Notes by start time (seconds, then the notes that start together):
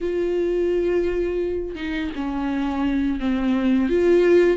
0.00 F4
1.75 D#4
2.15 C#4
3.19 C4
3.89 F4